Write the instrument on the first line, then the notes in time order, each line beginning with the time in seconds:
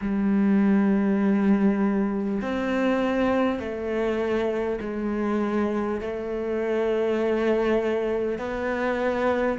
cello
0.01 G3
2.41 C4
3.59 A3
4.81 G#3
6.01 A3
8.38 B3